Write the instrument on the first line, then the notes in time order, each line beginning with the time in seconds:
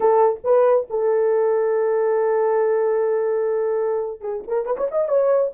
horn
0.00 A4
0.43 B4
0.89 A4
4.21 G#4
4.47 A#4
4.65 B4
4.77 C#5
4.91 D#5
5.08 C#5